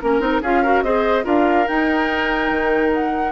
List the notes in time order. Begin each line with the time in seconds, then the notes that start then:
0.00 A#3 C#4 A#4
0.20 C4 D#4
0.41 C#4 F4 G#4 F5
0.62 F#4 A#4
0.82 C4 G#4 C5 D#5
1.23 D4 F4 A#4 F5
1.68 D#4 G5
2.50 D#3
2.93 F#5